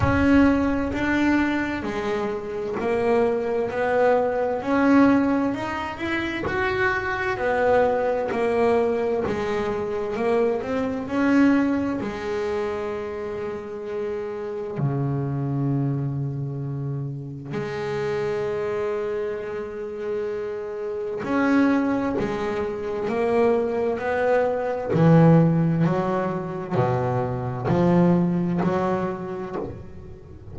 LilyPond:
\new Staff \with { instrumentName = "double bass" } { \time 4/4 \tempo 4 = 65 cis'4 d'4 gis4 ais4 | b4 cis'4 dis'8 e'8 fis'4 | b4 ais4 gis4 ais8 c'8 | cis'4 gis2. |
cis2. gis4~ | gis2. cis'4 | gis4 ais4 b4 e4 | fis4 b,4 f4 fis4 | }